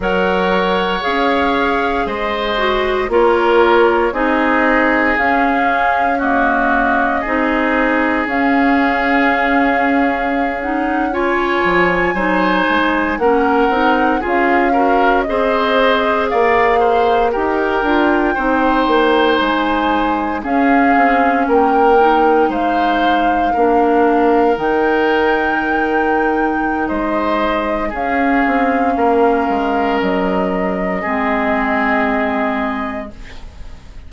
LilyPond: <<
  \new Staff \with { instrumentName = "flute" } { \time 4/4 \tempo 4 = 58 fis''4 f''4 dis''4 cis''4 | dis''4 f''4 dis''2 | f''2~ f''16 fis''8 gis''4~ gis''16~ | gis''8. fis''4 f''4 dis''4 f''16~ |
f''8. g''2 gis''4 f''16~ | f''8. g''4 f''2 g''16~ | g''2 dis''4 f''4~ | f''4 dis''2. | }
  \new Staff \with { instrumentName = "oboe" } { \time 4/4 cis''2 c''4 ais'4 | gis'2 fis'4 gis'4~ | gis'2~ gis'8. cis''4 c''16~ | c''8. ais'4 gis'8 ais'8 c''4 d''16~ |
d''16 c''8 ais'4 c''2 gis'16~ | gis'8. ais'4 c''4 ais'4~ ais'16~ | ais'2 c''4 gis'4 | ais'2 gis'2 | }
  \new Staff \with { instrumentName = "clarinet" } { \time 4/4 ais'4 gis'4. fis'8 f'4 | dis'4 cis'4 ais4 dis'4 | cis'2~ cis'16 dis'8 f'4 dis'16~ | dis'8. cis'8 dis'8 f'8 fis'8 gis'4~ gis'16~ |
gis'8. g'8 f'8 dis'2 cis'16~ | cis'4~ cis'16 dis'4. d'4 dis'16~ | dis'2. cis'4~ | cis'2 c'2 | }
  \new Staff \with { instrumentName = "bassoon" } { \time 4/4 fis4 cis'4 gis4 ais4 | c'4 cis'2 c'4 | cis'2.~ cis'16 f8 fis16~ | fis16 gis8 ais8 c'8 cis'4 c'4 ais16~ |
ais8. dis'8 d'8 c'8 ais8 gis4 cis'16~ | cis'16 c'8 ais4 gis4 ais4 dis16~ | dis2 gis4 cis'8 c'8 | ais8 gis8 fis4 gis2 | }
>>